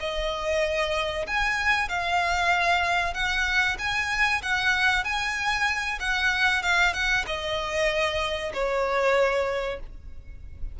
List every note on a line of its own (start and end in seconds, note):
0.00 1.26 D#5
1.27 1.89 G#5
1.89 3.14 F5
3.14 3.77 F#5
3.79 4.42 G#5
4.42 5.05 F#5
5.05 5.99 G#5
6.00 6.63 F#5
6.63 6.94 F5
6.94 7.25 F#5
7.27 8.53 D#5
8.53 9.80 C#5